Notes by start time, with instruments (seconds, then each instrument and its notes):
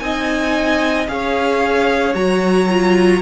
0.00 cello C4, viola D#4, violin D#5 G#5
1.08 cello C#4, viola G#4, violin C#5 F5
2.14 cello F#3, viola F#4, violin A#5
2.70 viola F4